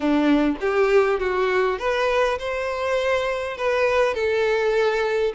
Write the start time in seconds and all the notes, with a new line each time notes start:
0.00 D4
0.60 G4
1.19 F#4
1.78 B4
2.38 C5
3.57 B4
4.14 A4